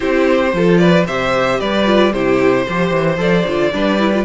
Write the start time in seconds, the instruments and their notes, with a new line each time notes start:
0.00 cello C4, viola E4, violin G4 C5
0.52 cello F3, viola F4, violin A4
0.77 violin B4 D5
1.06 cello C3, viola G4, violin C5 E5
1.60 cello G3, violin B4 D5
1.85 viola F4
2.12 cello C3, viola E4, violin G4 C5
2.66 cello F3, viola G4, violin C5
2.91 cello E3
3.17 cello F3, viola A4, violin D5
3.46 cello D3, viola F4
3.72 cello G3, viola D4, violin B4
3.98 viola E4
4.13 viola F4